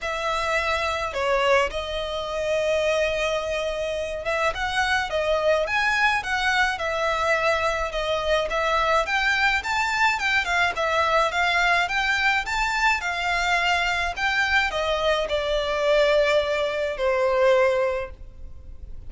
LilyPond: \new Staff \with { instrumentName = "violin" } { \time 4/4 \tempo 4 = 106 e''2 cis''4 dis''4~ | dis''2.~ dis''8 e''8 | fis''4 dis''4 gis''4 fis''4 | e''2 dis''4 e''4 |
g''4 a''4 g''8 f''8 e''4 | f''4 g''4 a''4 f''4~ | f''4 g''4 dis''4 d''4~ | d''2 c''2 | }